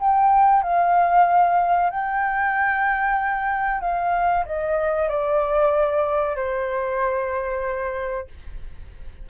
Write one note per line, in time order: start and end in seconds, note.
0.00 0.63 G5
0.63 1.90 F5
1.90 3.81 G5
3.81 4.45 F5
4.45 5.09 D#5
5.09 6.36 D5
6.36 8.27 C5